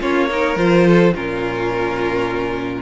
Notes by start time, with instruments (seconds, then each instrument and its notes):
0.00 cello A#3, viola C#4, violin F4 C#5
0.30 viola D#4, violin A#4
0.56 cello F3, viola F4, violin C5
0.87 violin A4
1.15 cello A#2, viola C#4, violin F4 A#4